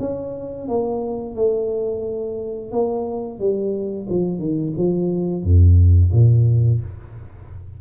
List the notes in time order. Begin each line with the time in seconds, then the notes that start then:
0.00 C#4
0.68 A#3
1.36 A3
2.72 A#3
3.39 G3
4.10 F3
4.39 D#3
4.78 F3
5.43 F2
6.13 A#2